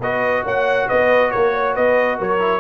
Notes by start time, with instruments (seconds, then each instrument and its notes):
0.00 tuba B3, trombone F#4, horn B4, trumpet D#5
0.44 tuba A#3, horn C#5, trumpet F#5
0.87 tuba B3, horn B4, trumpet D#5
1.31 tuba A#3, horn A#4, trumpet C#5
1.53 horn C#5
1.75 tuba B3, horn B4, trumpet D#5
2.18 tuba F#3, horn A#4, trumpet C#5
2.39 trombone E4